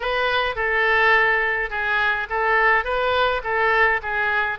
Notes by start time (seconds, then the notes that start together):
0.00 B4
0.55 A4
1.70 G#4
2.29 A4
2.84 B4
3.43 A4
4.02 G#4